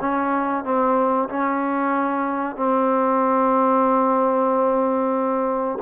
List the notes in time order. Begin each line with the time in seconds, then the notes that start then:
0.00 C#4
0.64 C4
1.29 C#4
2.56 C4